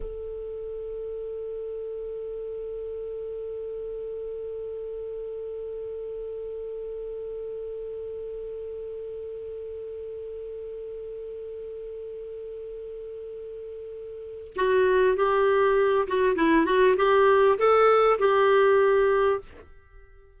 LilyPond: \new Staff \with { instrumentName = "clarinet" } { \time 4/4 \tempo 4 = 99 a'1~ | a'1~ | a'1~ | a'1~ |
a'1~ | a'1 | fis'4 g'4. fis'8 e'8 fis'8 | g'4 a'4 g'2 | }